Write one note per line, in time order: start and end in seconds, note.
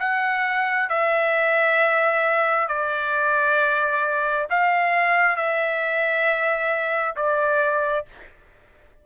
0.00 0.90 F#5
0.90 2.69 E5
2.69 4.48 D5
4.50 5.36 F5
5.36 7.16 E5
7.16 8.06 D5